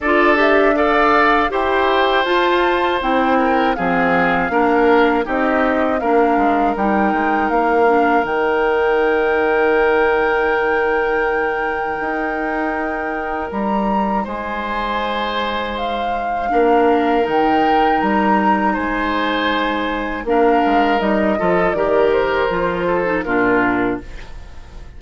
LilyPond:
<<
  \new Staff \with { instrumentName = "flute" } { \time 4/4 \tempo 4 = 80 d''8 e''8 f''4 g''4 a''4 | g''4 f''2 dis''4 | f''4 g''4 f''4 g''4~ | g''1~ |
g''2 ais''4 gis''4~ | gis''4 f''2 g''4 | ais''4 gis''2 f''4 | dis''4 d''8 c''4. ais'4 | }
  \new Staff \with { instrumentName = "oboe" } { \time 4/4 a'4 d''4 c''2~ | c''8 ais'8 gis'4 ais'4 g'4 | ais'1~ | ais'1~ |
ais'2. c''4~ | c''2 ais'2~ | ais'4 c''2 ais'4~ | ais'8 a'8 ais'4. a'8 f'4 | }
  \new Staff \with { instrumentName = "clarinet" } { \time 4/4 f'8 g'8 a'4 g'4 f'4 | e'4 c'4 d'4 dis'4 | d'4 dis'4. d'8 dis'4~ | dis'1~ |
dis'1~ | dis'2 d'4 dis'4~ | dis'2. d'4 | dis'8 f'8 g'4 f'8. dis'16 d'4 | }
  \new Staff \with { instrumentName = "bassoon" } { \time 4/4 d'2 e'4 f'4 | c'4 f4 ais4 c'4 | ais8 gis8 g8 gis8 ais4 dis4~ | dis1 |
dis'2 g4 gis4~ | gis2 ais4 dis4 | g4 gis2 ais8 gis8 | g8 f8 dis4 f4 ais,4 | }
>>